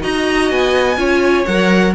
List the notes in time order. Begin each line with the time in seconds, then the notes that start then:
0.00 D#4 F#4 D#5 A#5
0.51 B3 G#5
0.97 C#4 F4 C#5
1.46 F#3 A#4 F#5